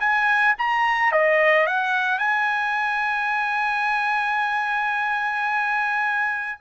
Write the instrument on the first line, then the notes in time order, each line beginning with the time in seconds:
trumpet
0.00 G#5
0.58 A#5
1.12 D#5
1.67 F#5
2.19 G#5